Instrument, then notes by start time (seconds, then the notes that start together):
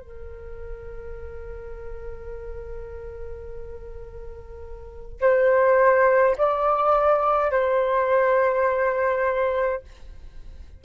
flute
0.00 A#4
5.21 C5
6.38 D5
7.52 C5